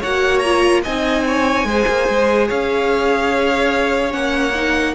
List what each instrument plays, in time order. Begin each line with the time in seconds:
0.00 cello A#3, viola F#4, violin C#5 F#5
0.39 viola F4, violin A#5
0.83 cello C4, viola D#4, violin D#5 G#5
1.27 violin C#5
1.65 cello G#3, viola G#4, violin C5
1.88 cello A#3
2.09 cello G#3
2.48 cello C#4, violin C#5 F5
4.10 cello A#3, viola C#4, violin F#5
4.55 viola D#4